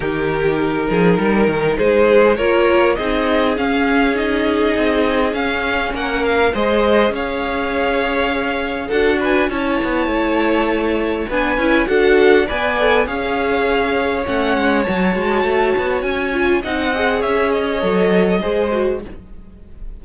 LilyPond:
<<
  \new Staff \with { instrumentName = "violin" } { \time 4/4 \tempo 4 = 101 ais'2. c''4 | cis''4 dis''4 f''4 dis''4~ | dis''4 f''4 fis''8 f''8 dis''4 | f''2. fis''8 gis''8 |
a''2. gis''4 | fis''4 gis''4 f''2 | fis''4 a''2 gis''4 | fis''4 e''8 dis''2~ dis''8 | }
  \new Staff \with { instrumentName = "violin" } { \time 4/4 g'4. gis'8 ais'4 gis'4 | ais'4 gis'2.~ | gis'2 ais'4 c''4 | cis''2. a'8 b'8 |
cis''2. b'4 | a'4 d''4 cis''2~ | cis''1 | dis''4 cis''2 c''4 | }
  \new Staff \with { instrumentName = "viola" } { \time 4/4 dis'1 | f'4 dis'4 cis'4 dis'4~ | dis'4 cis'2 gis'4~ | gis'2. fis'4 |
e'2. d'8 e'8 | fis'4 b'8 a'8 gis'2 | cis'4 fis'2~ fis'8 f'8 | dis'8 gis'4. a'4 gis'8 fis'8 | }
  \new Staff \with { instrumentName = "cello" } { \time 4/4 dis4. f8 g8 dis8 gis4 | ais4 c'4 cis'2 | c'4 cis'4 ais4 gis4 | cis'2. d'4 |
cis'8 b8 a2 b8 cis'8 | d'4 b4 cis'2 | a8 gis8 fis8 gis8 a8 b8 cis'4 | c'4 cis'4 fis4 gis4 | }
>>